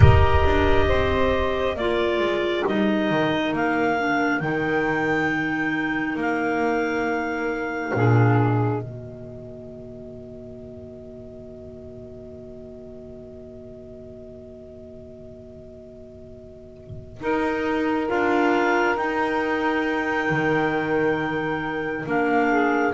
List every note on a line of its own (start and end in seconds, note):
0.00 0.43 D#4
0.00 1.76 G4
0.00 0.86 A#4
0.00 1.77 D#5
0.44 0.89 D4
0.87 1.75 C4
0.87 1.75 C5
1.75 2.19 A#3
1.75 2.66 F4
1.75 7.93 A#4
1.75 2.65 D5
2.19 2.63 G#3
2.66 3.10 G3
2.66 3.98 D#4
2.66 3.55 D#5
3.10 3.52 D#3
3.52 4.40 A#3
3.52 4.40 F5
3.98 4.40 D4
4.40 6.15 D#3
4.40 7.93 D#4
4.40 6.16 G5
6.15 7.92 A#3
6.15 8.38 F5
7.94 8.82 A#2
7.94 8.82 D4
7.94 8.82 G#4
8.38 18.08 D#5
8.82 17.20 D#3
8.82 17.20 A#3
8.82 17.20 F#4
17.20 18.07 D#4
17.20 18.09 D#4
17.20 22.50 A#4
18.07 18.96 D4
18.07 18.95 F4
18.07 18.97 F5
18.96 20.29 D#4
18.96 22.06 D#4
18.96 22.06 G5
20.29 22.06 D#3
22.06 22.93 A#3
22.06 22.93 D4
22.06 22.93 F5
22.50 22.93 G#4